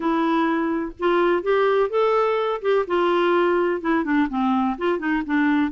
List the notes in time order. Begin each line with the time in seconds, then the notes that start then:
0.00 E4
0.99 F4
1.43 G4
1.89 A4
2.61 G4
2.87 F4
3.81 E4
4.04 D4
4.29 C4
4.78 F4
4.98 D#4
5.26 D4